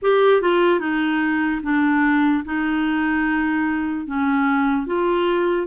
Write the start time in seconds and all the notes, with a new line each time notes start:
0.02 G4
0.41 F4
0.80 D#4
1.63 D4
2.45 D#4
4.07 C#4
4.86 F4